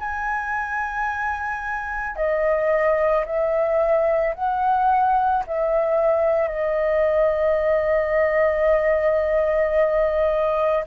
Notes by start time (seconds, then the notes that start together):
0.00 G#5
2.16 D#5
3.26 E5
4.35 F#5
5.47 E5
6.49 D#5